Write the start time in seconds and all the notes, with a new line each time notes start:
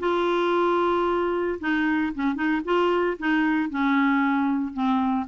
0.00 F4
1.60 D#4
2.15 C#4
2.35 D#4
2.65 F4
3.20 D#4
3.70 C#4
4.74 C4